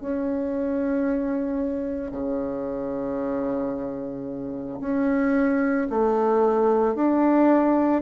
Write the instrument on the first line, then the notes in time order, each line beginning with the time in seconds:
bassoon
0.00 C#4
2.11 C#3
4.80 C#4
5.89 A3
6.95 D4